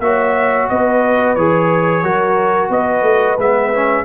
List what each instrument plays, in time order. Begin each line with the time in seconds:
0.00 tuba A#3, trombone F#4, horn C#5, trumpet E5
0.69 tuba B3, horn B4, trumpet D#5
1.35 tuba E3, trombone G#4, trumpet C#5
2.03 tuba F#3, trombone F#4, horn A#4
2.70 tuba B3, horn B4, trumpet D#5
3.03 tuba A3
3.38 tuba G#3, trombone B3, trumpet E5
3.75 trombone C#4